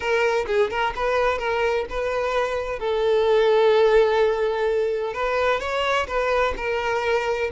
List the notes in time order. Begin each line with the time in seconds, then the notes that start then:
0.00 A#4
0.46 G#4
0.70 A#4
0.95 B4
1.38 A#4
1.89 B4
2.79 A4
5.13 B4
5.60 C#5
6.07 B4
6.56 A#4